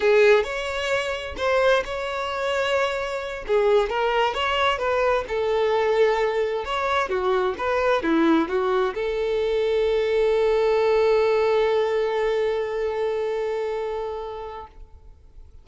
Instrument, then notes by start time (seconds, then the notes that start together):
violin
0.00 G#4
0.43 C#5
1.37 C5
1.84 C#5
3.47 G#4
3.89 A#4
4.33 C#5
4.78 B4
5.28 A4
6.65 C#5
7.09 F#4
7.57 B4
8.03 E4
8.48 F#4
8.94 A4